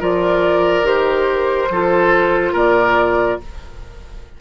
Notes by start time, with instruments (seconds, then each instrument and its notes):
0.00 bassoon F3, clarinet F4, oboe A#4, flute D5
0.83 bassoon D#3, clarinet G4, flute C5
1.70 bassoon F3, clarinet F4, oboe A4
2.53 bassoon A#2, oboe A#4, flute D5